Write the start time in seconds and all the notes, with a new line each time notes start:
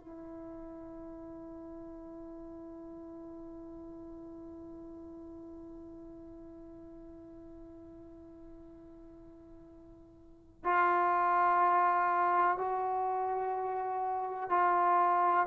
0.00 E4
10.65 F4
12.58 F#4
14.50 F4